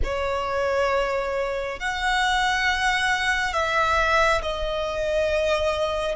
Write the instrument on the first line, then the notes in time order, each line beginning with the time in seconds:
violin
0.03 C#5
1.79 F#5
3.53 E5
4.42 D#5